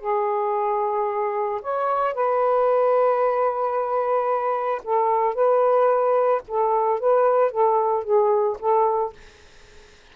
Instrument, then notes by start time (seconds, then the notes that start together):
saxophone
0.00 G#4
1.61 C#5
2.14 B4
4.84 A4
5.34 B4
6.48 A4
7.00 B4
7.51 A4
8.04 G#4
8.59 A4